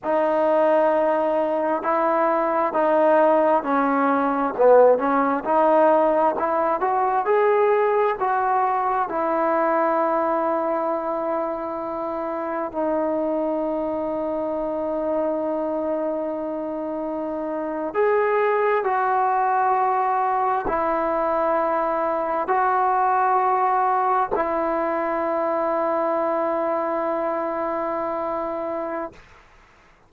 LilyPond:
\new Staff \with { instrumentName = "trombone" } { \time 4/4 \tempo 4 = 66 dis'2 e'4 dis'4 | cis'4 b8 cis'8 dis'4 e'8 fis'8 | gis'4 fis'4 e'2~ | e'2 dis'2~ |
dis'2.~ dis'8. gis'16~ | gis'8. fis'2 e'4~ e'16~ | e'8. fis'2 e'4~ e'16~ | e'1 | }